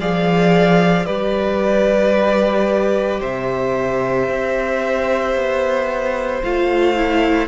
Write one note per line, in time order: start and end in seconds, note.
0.00 1.06 F3
0.00 1.06 G#4
0.00 1.06 D5
0.00 1.06 F5
1.06 3.21 G3
1.06 6.42 G4
1.06 3.20 B4
1.06 3.20 D5
3.20 4.29 C3
3.20 7.48 C5
3.20 6.43 E5
4.29 5.35 C4
5.35 6.42 B3
6.43 7.48 A3
6.43 6.96 F4
6.43 7.48 F5
6.96 7.48 E4